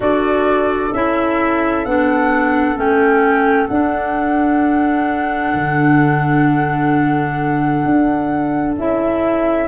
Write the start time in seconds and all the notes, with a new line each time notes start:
0.00 D4 F#4 A4 D5
0.93 C#4 E4 E5
1.85 B3 D4 F#5
2.76 A3 C#4 G5
3.67 D4 F#5
5.54 D3
7.85 D4
8.78 C#4 E4 E5